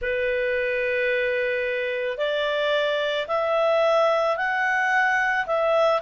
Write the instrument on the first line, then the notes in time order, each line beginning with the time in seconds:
clarinet
0.01 B4
2.17 D5
3.27 E5
4.36 F#5
5.46 E5